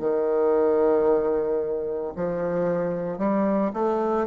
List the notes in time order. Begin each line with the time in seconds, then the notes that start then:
0.00 D#3
2.16 F3
3.19 G3
3.74 A3